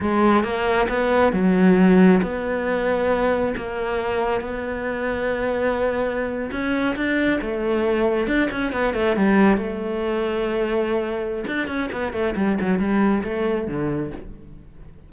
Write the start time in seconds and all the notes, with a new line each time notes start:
0.00 G#3
0.43 A#3
0.88 B3
1.32 F#3
2.22 B3
3.56 A#3
4.40 B3
6.51 C#4
6.96 D4
7.41 A3
8.27 D4
8.51 C#4
8.72 B3
8.94 A3
9.16 G3
9.57 A3
11.46 D4
11.67 C#4
11.91 B3
12.12 A3
12.36 G3
12.60 F#3
12.79 G3
13.23 A3
13.67 D3